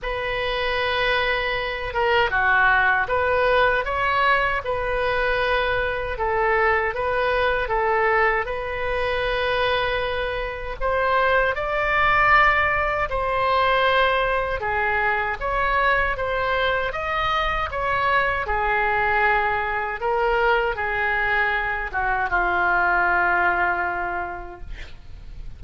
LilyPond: \new Staff \with { instrumentName = "oboe" } { \time 4/4 \tempo 4 = 78 b'2~ b'8 ais'8 fis'4 | b'4 cis''4 b'2 | a'4 b'4 a'4 b'4~ | b'2 c''4 d''4~ |
d''4 c''2 gis'4 | cis''4 c''4 dis''4 cis''4 | gis'2 ais'4 gis'4~ | gis'8 fis'8 f'2. | }